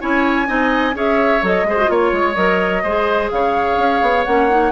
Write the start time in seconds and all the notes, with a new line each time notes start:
0.00 C#4 E4 C#5 G#5
0.47 C4 D#4 D#5
0.94 C#4 G#4 C#5 E5
1.42 F#3 A4 D#5
1.64 G#3 G#4 C5
1.77 F#4
1.86 A#3 F4 C#5
2.12 G#3
2.35 F#3 A#4 D#5
2.83 G#3 G#4 C5
3.31 C#3 C#5 F5
3.77 C#4
4.02 B3
4.25 A#3 C#4 F#5
4.50 D#4